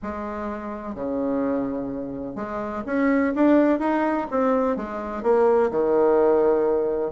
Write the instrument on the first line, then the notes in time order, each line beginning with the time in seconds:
bassoon
0.02 G#3
0.94 C#3
2.35 G#3
2.85 C#4
3.35 D4
3.79 D#4
4.31 C4
4.76 G#3
5.22 A#3
5.70 D#3